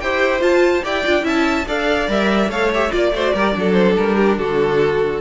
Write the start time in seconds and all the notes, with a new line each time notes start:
0.00 E4 G4 C5 G5
0.39 F4 A5
0.84 E4 G4 D5 G5
1.05 D4 F4
1.22 C#4 E4 E5 A5
1.67 D4 A4 D5 F5
2.08 G3 A#4 E5
2.49 A3 A4 C#5 F5
2.73 G4 E5
2.91 A#3 F4 D5
3.12 A3 F#4 C5
3.34 G3 G4 A#4
3.53 F#3 D4
3.59 A4
3.72 C5
3.97 G3 A#4
4.16 G4
4.38 D3 F#4 A4